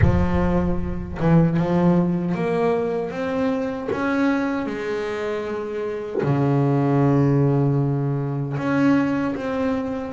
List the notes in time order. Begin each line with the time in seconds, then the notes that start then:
0.01 F3
1.19 E3
1.57 F3
2.34 A#3
3.11 C4
3.91 C#4
4.66 G#3
6.22 C#3
8.57 C#4
9.35 C4